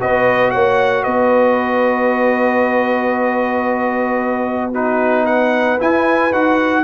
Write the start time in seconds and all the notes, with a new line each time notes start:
0.00 B3 F#4 B4 D#5
0.51 A#3 C#5 F#5
1.04 B3 B4 D#5
4.72 D#4 F#4 B4
5.24 B4 F#5
5.79 E4 G#5
6.32 D#4 F#4 F#5